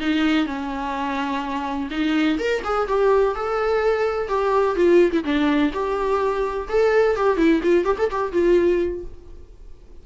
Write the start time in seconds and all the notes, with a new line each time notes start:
0.00 D#4
0.46 C#4
1.90 D#4
2.39 A#4
2.64 G#4
2.88 G4
3.35 A4
4.28 G4
4.76 F4
5.12 E4
5.24 D4
5.73 G4
6.69 A4
7.16 G4
7.37 E4
7.63 F4
7.85 G4
7.98 A4
8.11 G4
8.32 F4